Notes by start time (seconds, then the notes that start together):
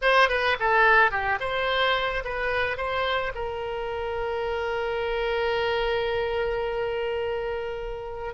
0.01 C5
0.29 B4
0.59 A4
1.11 G4
1.40 C5
2.24 B4
2.77 C5
3.34 A#4